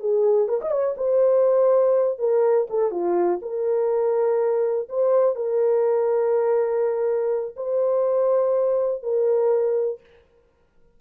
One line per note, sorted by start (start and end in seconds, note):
0.00 0.49 G#4
0.49 0.61 A#4
0.62 0.71 D#5
0.71 0.96 C#5
0.97 2.19 C5
2.19 2.68 A#4
2.70 2.91 A4
2.91 3.40 F4
3.42 4.88 A#4
4.89 5.36 C5
5.36 7.55 A#4
7.57 9.03 C5
9.03 10.00 A#4